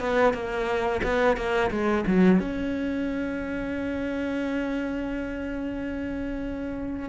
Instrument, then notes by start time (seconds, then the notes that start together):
cello
0.00 B3
0.33 A#3
1.03 B3
1.37 A#3
1.70 G#3
2.07 F#3
2.40 C#4